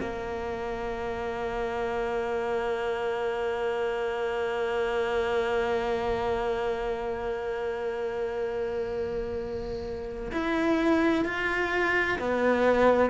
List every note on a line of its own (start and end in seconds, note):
0.00 10.31 A#3
10.32 11.25 E4
11.25 12.18 F4
12.19 13.10 B3